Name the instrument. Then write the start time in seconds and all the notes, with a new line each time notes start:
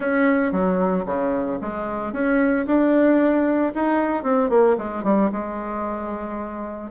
bassoon
0.00 C#4
0.52 F#3
1.05 C#3
1.61 G#3
2.12 C#4
2.66 D4
3.74 D#4
4.23 C4
4.49 A#3
4.78 G#3
5.03 G3
5.32 G#3